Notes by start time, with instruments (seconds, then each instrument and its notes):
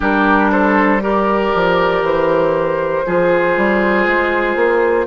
0.00 bassoon G3, clarinet D4, oboe G4, flute A#4
0.51 oboe A4, flute C5
1.01 clarinet G4, oboe A#4, flute D5
1.54 bassoon F3
2.01 bassoon E3, flute C5
3.06 bassoon F3, clarinet F4, oboe G#4
3.57 bassoon G3
4.06 bassoon G#3
4.55 bassoon A#3